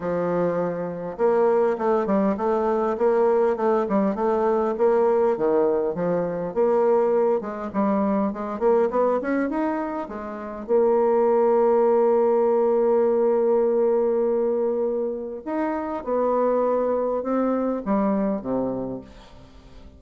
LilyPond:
\new Staff \with { instrumentName = "bassoon" } { \time 4/4 \tempo 4 = 101 f2 ais4 a8 g8 | a4 ais4 a8 g8 a4 | ais4 dis4 f4 ais4~ | ais8 gis8 g4 gis8 ais8 b8 cis'8 |
dis'4 gis4 ais2~ | ais1~ | ais2 dis'4 b4~ | b4 c'4 g4 c4 | }